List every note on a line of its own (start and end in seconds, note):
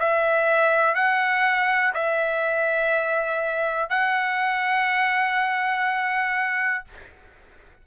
0.00 0.95 E5
0.95 1.94 F#5
1.94 3.90 E5
3.90 6.85 F#5